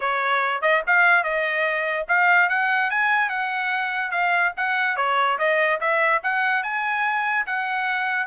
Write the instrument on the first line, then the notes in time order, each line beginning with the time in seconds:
trumpet
0.00 C#5
0.61 D#5
0.87 F5
1.23 D#5
2.08 F5
2.49 F#5
2.90 G#5
3.29 F#5
4.11 F5
4.56 F#5
4.96 C#5
5.38 D#5
5.80 E5
6.23 F#5
6.63 G#5
7.46 F#5